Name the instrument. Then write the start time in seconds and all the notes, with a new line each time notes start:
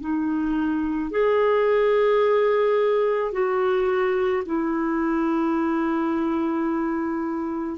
clarinet
0.00 D#4
1.11 G#4
3.32 F#4
4.45 E4